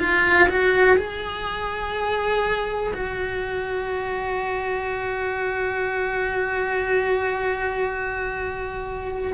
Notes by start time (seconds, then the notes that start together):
0.00 F4
0.50 F#4
0.97 G#4
2.94 F#4